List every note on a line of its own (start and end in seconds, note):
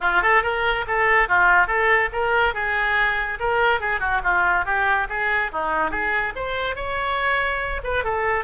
0.01 0.22 F4
0.22 0.42 A4
0.42 0.85 A#4
0.87 1.28 A4
1.28 1.67 F4
1.67 2.09 A4
2.12 2.54 A#4
2.54 3.38 G#4
3.39 3.80 A#4
3.80 3.99 G#4
3.99 4.21 F#4
4.23 4.65 F4
4.65 5.07 G4
5.09 5.51 G#4
5.52 5.90 D#4
5.90 6.33 G#4
6.35 6.75 C5
6.75 7.81 C#5
7.83 8.04 B4
8.04 8.44 A4